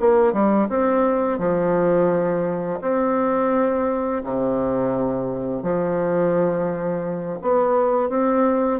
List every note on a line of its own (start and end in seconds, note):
0.00 0.33 A#3
0.33 0.68 G3
0.69 1.39 C4
1.39 2.80 F3
2.81 4.23 C4
4.24 5.63 C3
5.63 7.39 F3
7.42 8.10 B3
8.10 8.80 C4